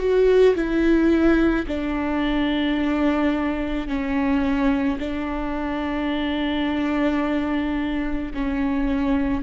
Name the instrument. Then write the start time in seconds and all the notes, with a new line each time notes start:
viola
0.00 F#4
0.56 E4
1.68 D4
3.88 C#4
4.99 D4
8.34 C#4